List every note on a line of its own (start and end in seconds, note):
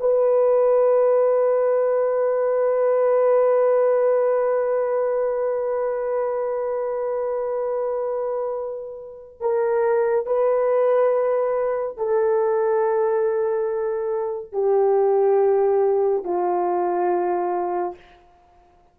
0.00 9.41 B4
9.41 10.26 A#4
10.26 11.97 B4
11.97 14.52 A4
14.52 16.24 G4
16.24 17.95 F4